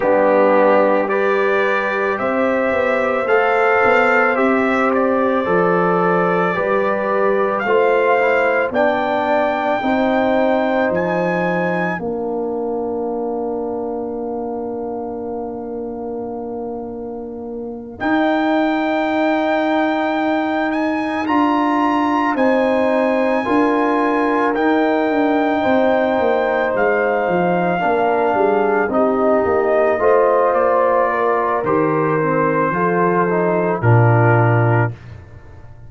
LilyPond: <<
  \new Staff \with { instrumentName = "trumpet" } { \time 4/4 \tempo 4 = 55 g'4 d''4 e''4 f''4 | e''8 d''2~ d''8 f''4 | g''2 gis''4 f''4~ | f''1~ |
f''8 g''2~ g''8 gis''8 ais''8~ | ais''8 gis''2 g''4.~ | g''8 f''2 dis''4. | d''4 c''2 ais'4 | }
  \new Staff \with { instrumentName = "horn" } { \time 4/4 d'4 b'4 c''2~ | c''2 b'4 c''4 | d''4 c''2 ais'4~ | ais'1~ |
ais'1~ | ais'8 c''4 ais'2 c''8~ | c''4. ais'8 gis'8 g'4 c''8~ | c''8 ais'4. a'4 f'4 | }
  \new Staff \with { instrumentName = "trombone" } { \time 4/4 b4 g'2 a'4 | g'4 a'4 g'4 f'8 e'8 | d'4 dis'2 d'4~ | d'1~ |
d'8 dis'2. f'8~ | f'8 dis'4 f'4 dis'4.~ | dis'4. d'4 dis'4 f'8~ | f'4 g'8 c'8 f'8 dis'8 d'4 | }
  \new Staff \with { instrumentName = "tuba" } { \time 4/4 g2 c'8 b8 a8 b8 | c'4 f4 g4 a4 | b4 c'4 f4 ais4~ | ais1~ |
ais8 dis'2. d'8~ | d'8 c'4 d'4 dis'8 d'8 c'8 | ais8 gis8 f8 ais8 g8 c'8 ais8 a8 | ais4 dis4 f4 ais,4 | }
>>